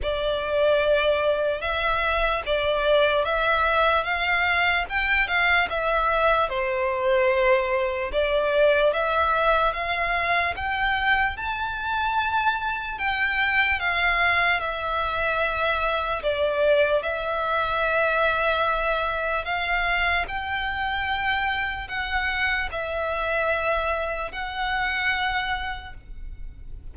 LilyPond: \new Staff \with { instrumentName = "violin" } { \time 4/4 \tempo 4 = 74 d''2 e''4 d''4 | e''4 f''4 g''8 f''8 e''4 | c''2 d''4 e''4 | f''4 g''4 a''2 |
g''4 f''4 e''2 | d''4 e''2. | f''4 g''2 fis''4 | e''2 fis''2 | }